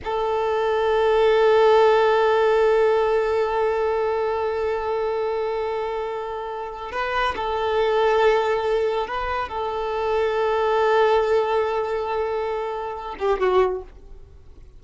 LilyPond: \new Staff \with { instrumentName = "violin" } { \time 4/4 \tempo 4 = 139 a'1~ | a'1~ | a'1~ | a'1 |
b'4 a'2.~ | a'4 b'4 a'2~ | a'1~ | a'2~ a'8 g'8 fis'4 | }